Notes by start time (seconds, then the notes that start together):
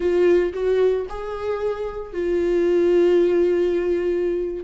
0.00 F4
0.53 F#4
1.09 G#4
2.13 F4